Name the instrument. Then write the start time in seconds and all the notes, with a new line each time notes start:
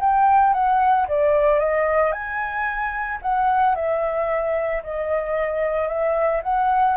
flute
0.00 G5
0.53 F#5
1.08 D5
1.59 D#5
2.12 G#5
3.22 F#5
3.75 E5
4.83 D#5
5.88 E5
6.43 F#5